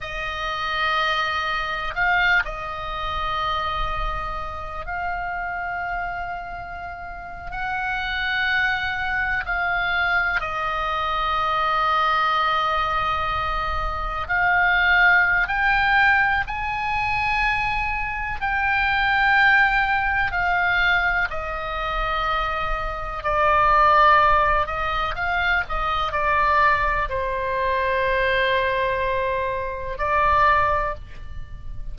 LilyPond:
\new Staff \with { instrumentName = "oboe" } { \time 4/4 \tempo 4 = 62 dis''2 f''8 dis''4.~ | dis''4 f''2~ f''8. fis''16~ | fis''4.~ fis''16 f''4 dis''4~ dis''16~ | dis''2~ dis''8. f''4~ f''16 |
g''4 gis''2 g''4~ | g''4 f''4 dis''2 | d''4. dis''8 f''8 dis''8 d''4 | c''2. d''4 | }